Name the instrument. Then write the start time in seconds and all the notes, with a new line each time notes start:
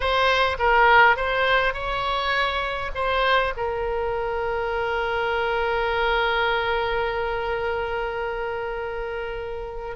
oboe
0.00 C5
0.58 A#4
1.16 C5
1.73 C#5
2.94 C5
3.56 A#4